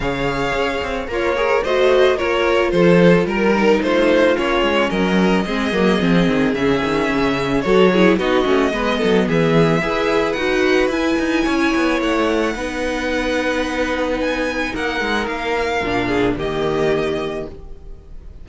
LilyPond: <<
  \new Staff \with { instrumentName = "violin" } { \time 4/4 \tempo 4 = 110 f''2 cis''4 dis''4 | cis''4 c''4 ais'4 c''4 | cis''4 dis''2. | e''2 cis''4 dis''4~ |
dis''4 e''2 fis''4 | gis''2 fis''2~ | fis''2 gis''4 fis''4 | f''2 dis''2 | }
  \new Staff \with { instrumentName = "violin" } { \time 4/4 cis''2 f'8 ais'8 c''4 | ais'4 a'4 ais'4 f'4~ | f'4 ais'4 gis'2~ | gis'2 a'8 gis'8 fis'4 |
b'8 a'8 gis'4 b'2~ | b'4 cis''2 b'4~ | b'2. ais'4~ | ais'4. gis'8 g'2 | }
  \new Staff \with { instrumentName = "viola" } { \time 4/4 gis'2 ais'8 gis'8 fis'4 | f'2~ f'8 dis'4. | cis'2 c'8 ais8 c'4 | cis'2 fis'8 e'8 dis'8 cis'8 |
b2 gis'4 fis'4 | e'2. dis'4~ | dis'1~ | dis'4 d'4 ais2 | }
  \new Staff \with { instrumentName = "cello" } { \time 4/4 cis4 cis'8 c'8 ais4 a4 | ais4 f4 g4 a4 | ais8 gis8 fis4 gis8 fis8 f8 dis8 | cis8 dis8 cis4 fis4 b8 a8 |
gis8 fis8 e4 e'4 dis'4 | e'8 dis'8 cis'8 b8 a4 b4~ | b2. ais8 gis8 | ais4 ais,4 dis2 | }
>>